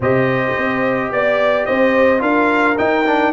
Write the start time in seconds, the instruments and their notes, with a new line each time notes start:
0.00 tuba C3, trombone G4, horn C5, trumpet D#5
0.57 tuba C4
1.11 tuba B3, trumpet D5, horn D5
1.65 tuba C4, horn C5, trumpet D#5
2.18 tuba D4, trombone F4, horn A#4, trumpet F5
2.77 trombone D#4, tuba D#4, trumpet G5
3.06 trombone D4